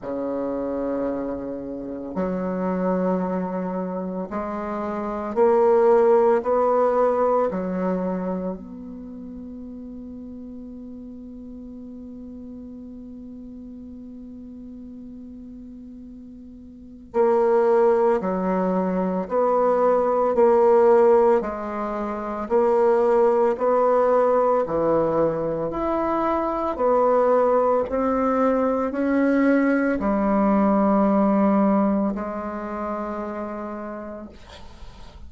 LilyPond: \new Staff \with { instrumentName = "bassoon" } { \time 4/4 \tempo 4 = 56 cis2 fis2 | gis4 ais4 b4 fis4 | b1~ | b1 |
ais4 fis4 b4 ais4 | gis4 ais4 b4 e4 | e'4 b4 c'4 cis'4 | g2 gis2 | }